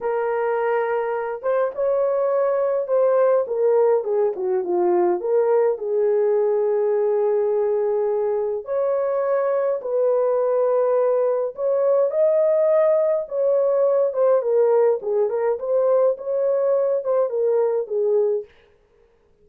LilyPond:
\new Staff \with { instrumentName = "horn" } { \time 4/4 \tempo 4 = 104 ais'2~ ais'8 c''8 cis''4~ | cis''4 c''4 ais'4 gis'8 fis'8 | f'4 ais'4 gis'2~ | gis'2. cis''4~ |
cis''4 b'2. | cis''4 dis''2 cis''4~ | cis''8 c''8 ais'4 gis'8 ais'8 c''4 | cis''4. c''8 ais'4 gis'4 | }